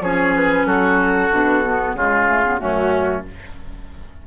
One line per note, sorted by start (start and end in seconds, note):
0.00 0.65 F3
0.00 1.32 C#4
0.00 0.67 G#4
0.00 0.34 C#5
0.36 0.67 B4
0.65 1.30 F#3
0.65 1.96 F#4
0.65 1.95 A4
1.31 1.94 B2
1.31 1.64 D4
1.66 1.98 B3
1.94 2.59 C#3
1.94 2.29 G#3
1.94 2.60 F4
1.94 2.58 G#4
2.29 2.45 A3
2.45 2.59 B3
2.58 3.27 F#2
2.58 3.23 A3
2.58 3.25 C#4
2.58 3.22 F#4